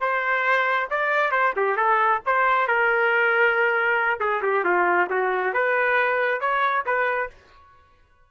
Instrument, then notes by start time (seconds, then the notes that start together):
trumpet
0.00 C5
0.90 D5
1.31 C5
1.56 G4
1.76 A4
2.26 C5
2.67 A#4
4.20 G#4
4.42 G4
4.64 F4
5.10 F#4
5.53 B4
6.41 C#5
6.86 B4